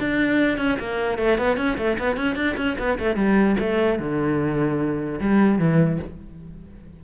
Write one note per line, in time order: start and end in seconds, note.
0.00 0.58 D4
0.58 0.78 C#4
0.79 1.18 A#3
1.18 1.38 A3
1.38 1.57 B3
1.57 1.77 C#4
1.77 1.97 A3
1.99 2.17 B3
2.17 2.36 C#4
2.36 2.56 D4
2.57 2.77 C#4
2.79 2.99 B3
2.99 3.16 A3
3.16 3.56 G3
3.60 3.99 A3
3.99 5.20 D3
5.21 5.59 G3
5.59 5.99 E3